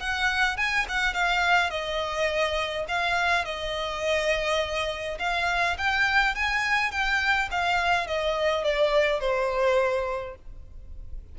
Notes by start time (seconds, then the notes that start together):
0.00 F#5
0.57 G#5
0.89 F#5
1.14 F5
1.70 D#5
2.88 F5
3.45 D#5
5.19 F5
5.78 G5
6.35 G#5
6.92 G5
7.51 F5
8.07 D#5
8.64 D5
9.20 C5